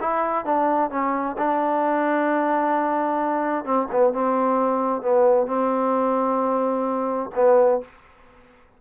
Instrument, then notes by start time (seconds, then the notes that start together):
trombone
0.00 E4
0.45 D4
0.90 C#4
1.38 D4
3.64 C4
3.91 B3
4.13 C4
5.02 B3
5.46 C4
7.35 B3